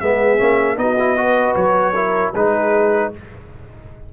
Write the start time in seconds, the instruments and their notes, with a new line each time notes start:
0.00 tuba G#3, trombone B3, horn G#4, trumpet E5
0.38 tuba A#3, trombone C#4
0.76 tuba B3, trombone D#4, horn F#4, trumpet D#5
0.99 trombone E4
1.17 trombone F#4, horn B4
1.56 tuba F#3, trumpet C#5
1.94 trombone E4, horn A#4
2.33 tuba G#3, trombone D#4, horn G#4, trumpet B4